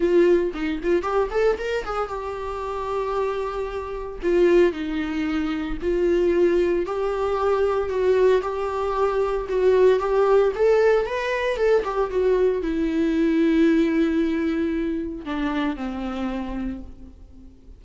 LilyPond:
\new Staff \with { instrumentName = "viola" } { \time 4/4 \tempo 4 = 114 f'4 dis'8 f'8 g'8 a'8 ais'8 gis'8 | g'1 | f'4 dis'2 f'4~ | f'4 g'2 fis'4 |
g'2 fis'4 g'4 | a'4 b'4 a'8 g'8 fis'4 | e'1~ | e'4 d'4 c'2 | }